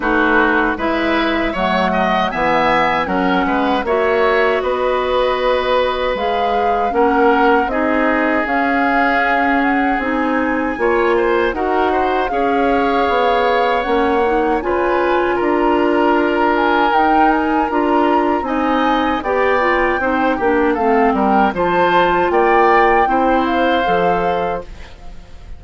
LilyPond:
<<
  \new Staff \with { instrumentName = "flute" } { \time 4/4 \tempo 4 = 78 b'4 e''4 fis''4 gis''4 | fis''4 e''4 dis''2 | f''4 fis''4 dis''4 f''4~ | f''8 fis''8 gis''2 fis''4 |
f''2 fis''4 gis''4 | ais''4. gis''8 g''8 gis''8 ais''4 | gis''4 g''2 f''8 g''8 | a''4 g''4. f''4. | }
  \new Staff \with { instrumentName = "oboe" } { \time 4/4 fis'4 b'4 cis''8 dis''8 e''4 | ais'8 b'8 cis''4 b'2~ | b'4 ais'4 gis'2~ | gis'2 cis''8 c''8 ais'8 c''8 |
cis''2. b'4 | ais'1 | dis''4 d''4 c''8 g'8 a'8 ais'8 | c''4 d''4 c''2 | }
  \new Staff \with { instrumentName = "clarinet" } { \time 4/4 dis'4 e'4 a4 b4 | cis'4 fis'2. | gis'4 cis'4 dis'4 cis'4~ | cis'4 dis'4 f'4 fis'4 |
gis'2 cis'8 dis'8 f'4~ | f'2 dis'4 f'4 | dis'4 g'8 f'8 dis'8 d'8 c'4 | f'2 e'4 a'4 | }
  \new Staff \with { instrumentName = "bassoon" } { \time 4/4 a4 gis4 fis4 e4 | fis8 gis8 ais4 b2 | gis4 ais4 c'4 cis'4~ | cis'4 c'4 ais4 dis'4 |
cis'4 b4 ais4 cis4 | d'2 dis'4 d'4 | c'4 b4 c'8 ais8 a8 g8 | f4 ais4 c'4 f4 | }
>>